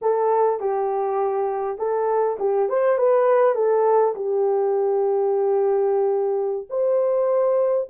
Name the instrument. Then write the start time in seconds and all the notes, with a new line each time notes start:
horn
0.01 A4
0.59 G4
1.77 A4
2.39 G4
2.69 C5
2.98 B4
3.55 A4
4.14 G4
6.69 C5